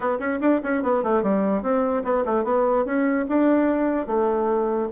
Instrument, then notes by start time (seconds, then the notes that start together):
bassoon
0.00 B3
0.19 C#4
0.40 D4
0.63 C#4
0.82 B3
1.03 A3
1.22 G3
1.62 C4
2.04 B3
2.25 A3
2.44 B3
2.85 C#4
3.28 D4
4.06 A3